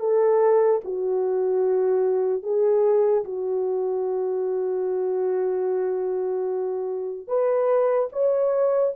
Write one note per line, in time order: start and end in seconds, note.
0.00 0.81 A4
0.85 2.43 F#4
2.43 3.24 G#4
3.25 7.28 F#4
7.28 8.09 B4
8.13 8.94 C#5